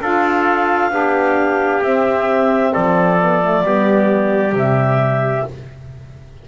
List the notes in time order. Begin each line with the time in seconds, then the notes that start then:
0.00 D4 F4 A4 F5
0.91 B3 D4 G4
1.83 C4 E5
2.73 F3 A4 D5
3.20 B3
3.42 A3
3.64 G3 B3 G4
4.51 C3 G3
4.57 E5